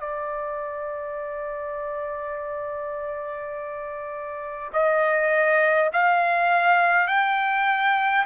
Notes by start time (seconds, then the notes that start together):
0.00 D5
4.73 D#5
5.94 F5
7.07 G5